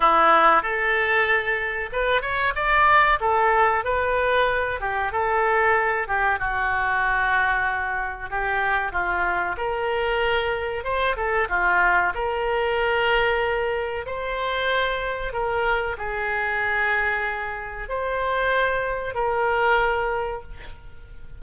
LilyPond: \new Staff \with { instrumentName = "oboe" } { \time 4/4 \tempo 4 = 94 e'4 a'2 b'8 cis''8 | d''4 a'4 b'4. g'8 | a'4. g'8 fis'2~ | fis'4 g'4 f'4 ais'4~ |
ais'4 c''8 a'8 f'4 ais'4~ | ais'2 c''2 | ais'4 gis'2. | c''2 ais'2 | }